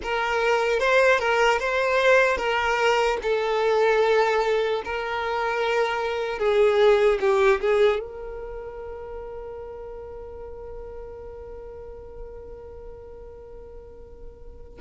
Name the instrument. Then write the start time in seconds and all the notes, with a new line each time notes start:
violin
0.03 A#4
0.79 C5
1.19 A#4
1.59 C5
2.37 A#4
3.22 A4
4.84 A#4
6.38 G#4
7.20 G4
7.60 G#4
7.99 A#4